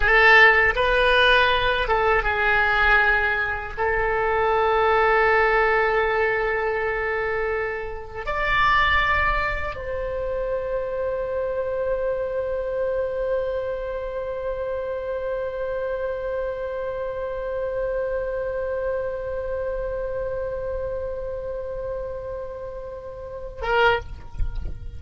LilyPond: \new Staff \with { instrumentName = "oboe" } { \time 4/4 \tempo 4 = 80 a'4 b'4. a'8 gis'4~ | gis'4 a'2.~ | a'2. d''4~ | d''4 c''2.~ |
c''1~ | c''1~ | c''1~ | c''2.~ c''8 ais'8 | }